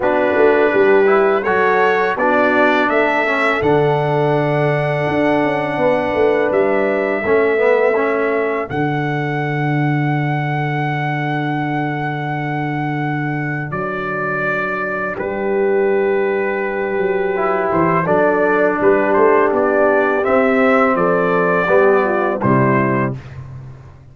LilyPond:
<<
  \new Staff \with { instrumentName = "trumpet" } { \time 4/4 \tempo 4 = 83 b'2 cis''4 d''4 | e''4 fis''2.~ | fis''4 e''2. | fis''1~ |
fis''2. d''4~ | d''4 b'2.~ | b'8 c''8 d''4 b'8 c''8 d''4 | e''4 d''2 c''4 | }
  \new Staff \with { instrumentName = "horn" } { \time 4/4 fis'4 g'4 a'4 fis'4 | a'1 | b'2 a'2~ | a'1~ |
a'1~ | a'4 g'2.~ | g'4 a'4 g'2~ | g'4 a'4 g'8 f'8 e'4 | }
  \new Staff \with { instrumentName = "trombone" } { \time 4/4 d'4. e'8 fis'4 d'4~ | d'8 cis'8 d'2.~ | d'2 cis'8 b8 cis'4 | d'1~ |
d'1~ | d'1 | e'4 d'2. | c'2 b4 g4 | }
  \new Staff \with { instrumentName = "tuba" } { \time 4/4 b8 a8 g4 fis4 b4 | a4 d2 d'8 cis'8 | b8 a8 g4 a2 | d1~ |
d2. fis4~ | fis4 g2~ g8 fis8~ | fis8 e8 fis4 g8 a8 b4 | c'4 f4 g4 c4 | }
>>